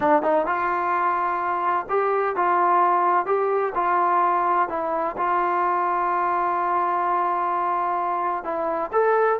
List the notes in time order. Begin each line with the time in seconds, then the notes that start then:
0.00 D4
0.22 D#4
0.46 F4
1.89 G4
2.36 F4
3.26 G4
3.75 F4
4.69 E4
5.17 F4
8.44 E4
8.92 A4